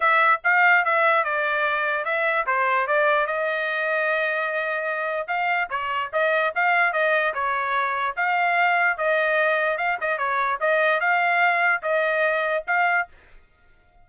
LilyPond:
\new Staff \with { instrumentName = "trumpet" } { \time 4/4 \tempo 4 = 147 e''4 f''4 e''4 d''4~ | d''4 e''4 c''4 d''4 | dis''1~ | dis''4 f''4 cis''4 dis''4 |
f''4 dis''4 cis''2 | f''2 dis''2 | f''8 dis''8 cis''4 dis''4 f''4~ | f''4 dis''2 f''4 | }